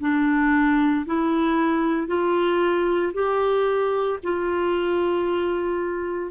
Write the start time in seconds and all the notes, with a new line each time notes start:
0.00 D4
1.06 E4
2.07 F4
3.13 G4
4.23 F4